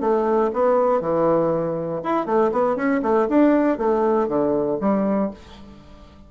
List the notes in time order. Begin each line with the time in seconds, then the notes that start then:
0.00 A3
0.53 B3
1.01 E3
2.03 E4
2.26 A3
2.52 B3
2.76 C#4
3.02 A3
3.29 D4
3.78 A3
4.28 D3
4.80 G3